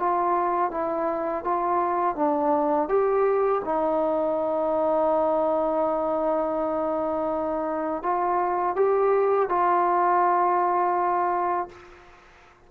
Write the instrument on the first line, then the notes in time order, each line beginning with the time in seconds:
trombone
0.00 F4
0.72 E4
1.45 F4
2.17 D4
2.89 G4
3.65 D#4
8.03 F4
8.76 G4
9.50 F4